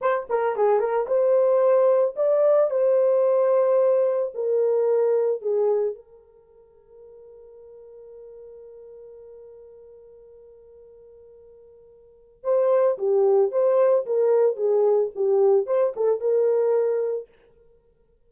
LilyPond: \new Staff \with { instrumentName = "horn" } { \time 4/4 \tempo 4 = 111 c''8 ais'8 gis'8 ais'8 c''2 | d''4 c''2. | ais'2 gis'4 ais'4~ | ais'1~ |
ais'1~ | ais'2. c''4 | g'4 c''4 ais'4 gis'4 | g'4 c''8 a'8 ais'2 | }